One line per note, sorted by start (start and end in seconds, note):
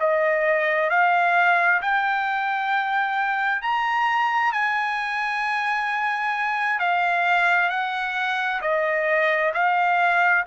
0.00 0.90 D#5
0.90 1.81 F5
1.81 3.62 G5
3.62 4.52 A#5
4.52 6.79 G#5
6.79 7.69 F5
7.69 8.60 F#5
8.62 9.52 D#5
9.54 10.45 F5